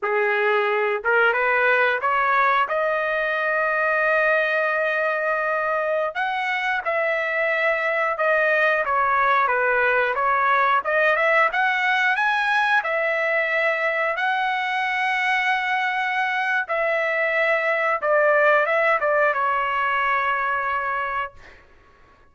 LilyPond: \new Staff \with { instrumentName = "trumpet" } { \time 4/4 \tempo 4 = 90 gis'4. ais'8 b'4 cis''4 | dis''1~ | dis''4~ dis''16 fis''4 e''4.~ e''16~ | e''16 dis''4 cis''4 b'4 cis''8.~ |
cis''16 dis''8 e''8 fis''4 gis''4 e''8.~ | e''4~ e''16 fis''2~ fis''8.~ | fis''4 e''2 d''4 | e''8 d''8 cis''2. | }